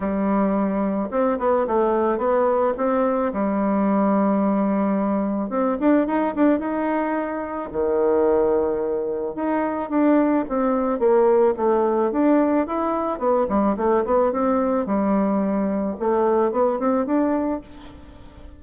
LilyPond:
\new Staff \with { instrumentName = "bassoon" } { \time 4/4 \tempo 4 = 109 g2 c'8 b8 a4 | b4 c'4 g2~ | g2 c'8 d'8 dis'8 d'8 | dis'2 dis2~ |
dis4 dis'4 d'4 c'4 | ais4 a4 d'4 e'4 | b8 g8 a8 b8 c'4 g4~ | g4 a4 b8 c'8 d'4 | }